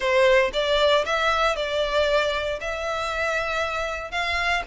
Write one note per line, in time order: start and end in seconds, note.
0.00 0.51 C5
0.53 1.05 D5
1.05 1.56 E5
1.56 2.59 D5
2.61 4.11 E5
4.11 4.62 F5